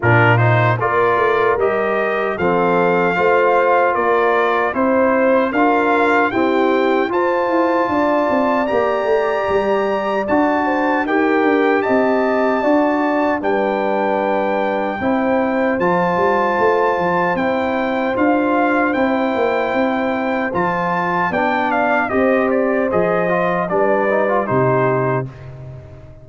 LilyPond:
<<
  \new Staff \with { instrumentName = "trumpet" } { \time 4/4 \tempo 4 = 76 ais'8 c''8 d''4 dis''4 f''4~ | f''4 d''4 c''4 f''4 | g''4 a''2 ais''4~ | ais''4 a''4 g''4 a''4~ |
a''4 g''2. | a''2 g''4 f''4 | g''2 a''4 g''8 f''8 | dis''8 d''8 dis''4 d''4 c''4 | }
  \new Staff \with { instrumentName = "horn" } { \time 4/4 f'4 ais'2 a'4 | c''4 ais'4 c''4 ais'4 | g'4 c''4 d''2~ | d''4. c''8 ais'4 dis''4 |
d''4 b'2 c''4~ | c''1~ | c''2. d''4 | c''2 b'4 g'4 | }
  \new Staff \with { instrumentName = "trombone" } { \time 4/4 d'8 dis'8 f'4 g'4 c'4 | f'2 e'4 f'4 | c'4 f'2 g'4~ | g'4 fis'4 g'2 |
fis'4 d'2 e'4 | f'2 e'4 f'4 | e'2 f'4 d'4 | g'4 gis'8 f'8 d'8 dis'16 f'16 dis'4 | }
  \new Staff \with { instrumentName = "tuba" } { \time 4/4 ais,4 ais8 a8 g4 f4 | a4 ais4 c'4 d'4 | e'4 f'8 e'8 d'8 c'8 ais8 a8 | g4 d'4 dis'8 d'8 c'4 |
d'4 g2 c'4 | f8 g8 a8 f8 c'4 d'4 | c'8 ais8 c'4 f4 b4 | c'4 f4 g4 c4 | }
>>